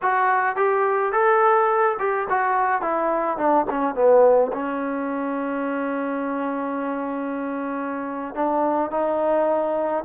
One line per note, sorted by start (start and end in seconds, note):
0.02 0.56 F#4
0.56 1.12 G4
1.12 1.97 A4
1.99 2.27 G4
2.29 2.81 F#4
2.81 3.37 E4
3.37 3.65 D4
3.70 3.94 C#4
3.94 4.51 B3
4.53 8.34 C#4
8.34 8.90 D4
8.90 10.04 D#4